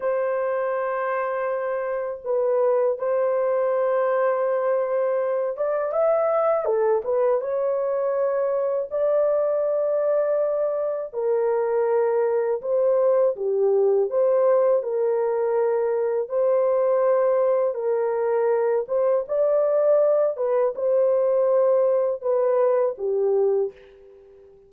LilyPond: \new Staff \with { instrumentName = "horn" } { \time 4/4 \tempo 4 = 81 c''2. b'4 | c''2.~ c''8 d''8 | e''4 a'8 b'8 cis''2 | d''2. ais'4~ |
ais'4 c''4 g'4 c''4 | ais'2 c''2 | ais'4. c''8 d''4. b'8 | c''2 b'4 g'4 | }